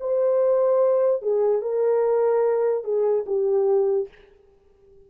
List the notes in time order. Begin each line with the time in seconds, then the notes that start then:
0.00 C5
1.22 G#4
1.62 A#4
2.84 G#4
3.27 G4